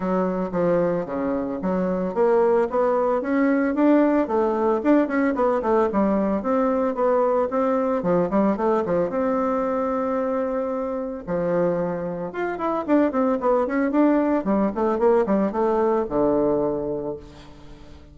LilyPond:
\new Staff \with { instrumentName = "bassoon" } { \time 4/4 \tempo 4 = 112 fis4 f4 cis4 fis4 | ais4 b4 cis'4 d'4 | a4 d'8 cis'8 b8 a8 g4 | c'4 b4 c'4 f8 g8 |
a8 f8 c'2.~ | c'4 f2 f'8 e'8 | d'8 c'8 b8 cis'8 d'4 g8 a8 | ais8 g8 a4 d2 | }